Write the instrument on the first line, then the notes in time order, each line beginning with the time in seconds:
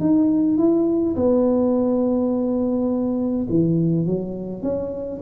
tuba
0.00 D#4
0.58 E4
1.16 B3
3.49 E3
4.06 F#3
4.62 C#4